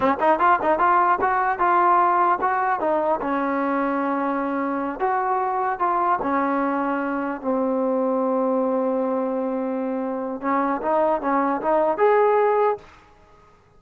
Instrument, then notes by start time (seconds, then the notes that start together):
trombone
0.00 C#4
0.20 D#4
0.39 F4
0.62 D#4
0.79 F4
1.21 F#4
1.58 F4
2.41 F#4
2.80 D#4
3.21 C#4
4.99 F#4
5.79 F4
6.22 C#4
7.41 C4
10.41 C#4
10.81 D#4
11.21 C#4
11.61 D#4
11.97 G#4